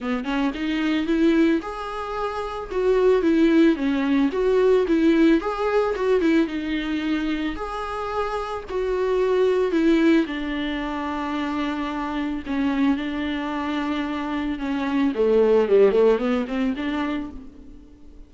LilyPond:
\new Staff \with { instrumentName = "viola" } { \time 4/4 \tempo 4 = 111 b8 cis'8 dis'4 e'4 gis'4~ | gis'4 fis'4 e'4 cis'4 | fis'4 e'4 gis'4 fis'8 e'8 | dis'2 gis'2 |
fis'2 e'4 d'4~ | d'2. cis'4 | d'2. cis'4 | a4 g8 a8 b8 c'8 d'4 | }